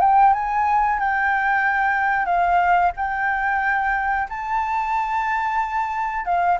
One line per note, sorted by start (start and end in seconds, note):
0.00 0.33 G5
0.33 0.99 G#5
0.99 2.25 G5
2.25 2.91 F5
2.96 4.28 G5
4.29 6.25 A5
6.25 6.58 F5